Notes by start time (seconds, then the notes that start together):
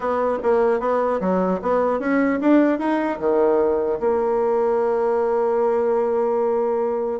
0.00 B3
0.43 A#3
0.80 B3
1.20 F#3
1.61 B3
1.99 C#4
2.40 D4
2.79 D#4
3.19 D#3
3.99 A#3